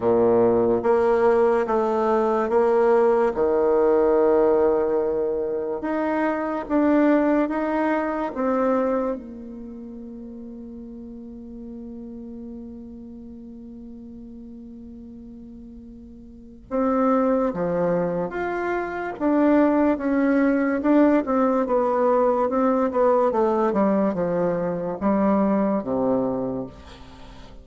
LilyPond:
\new Staff \with { instrumentName = "bassoon" } { \time 4/4 \tempo 4 = 72 ais,4 ais4 a4 ais4 | dis2. dis'4 | d'4 dis'4 c'4 ais4~ | ais1~ |
ais1 | c'4 f4 f'4 d'4 | cis'4 d'8 c'8 b4 c'8 b8 | a8 g8 f4 g4 c4 | }